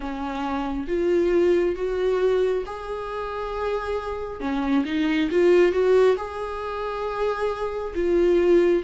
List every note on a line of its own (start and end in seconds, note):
0.00 0.87 C#4
0.87 1.75 F4
1.75 2.64 F#4
2.66 4.40 G#4
4.40 4.84 C#4
4.85 5.29 D#4
5.31 5.72 F4
5.72 6.16 F#4
6.16 7.93 G#4
7.94 8.82 F4